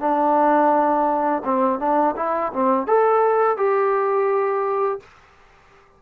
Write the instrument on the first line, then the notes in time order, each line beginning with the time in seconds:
trombone
0.00 D4
1.45 C4
1.80 D4
2.17 E4
2.53 C4
2.87 A4
3.57 G4